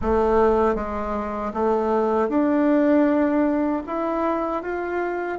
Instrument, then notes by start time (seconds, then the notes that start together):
bassoon
0.01 A3
0.75 G#3
1.53 A3
2.28 D4
3.86 E4
4.62 F4